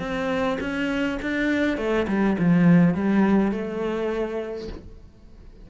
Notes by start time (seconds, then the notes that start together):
0.00 C4
0.61 C#4
1.22 D4
1.78 A3
2.08 G3
2.39 F3
2.95 G3
3.52 A3